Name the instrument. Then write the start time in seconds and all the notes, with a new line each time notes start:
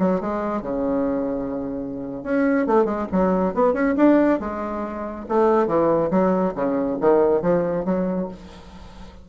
bassoon
0.00 F#3
0.21 G#3
0.62 C#3
2.24 C#4
2.67 A3
2.85 G#3
3.12 F#3
3.55 B3
3.74 C#4
3.97 D4
4.40 G#3
5.29 A3
5.67 E3
6.11 F#3
6.56 C#3
7.01 D#3
7.42 F3
7.85 F#3